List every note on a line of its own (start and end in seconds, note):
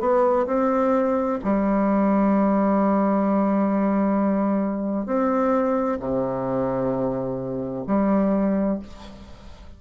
0.00 0.46 B3
0.46 1.38 C4
1.44 5.06 G3
5.06 5.98 C4
6.00 7.84 C3
7.87 8.79 G3